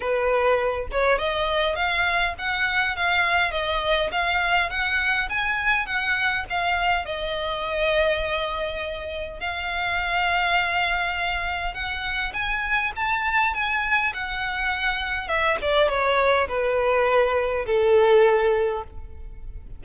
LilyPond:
\new Staff \with { instrumentName = "violin" } { \time 4/4 \tempo 4 = 102 b'4. cis''8 dis''4 f''4 | fis''4 f''4 dis''4 f''4 | fis''4 gis''4 fis''4 f''4 | dis''1 |
f''1 | fis''4 gis''4 a''4 gis''4 | fis''2 e''8 d''8 cis''4 | b'2 a'2 | }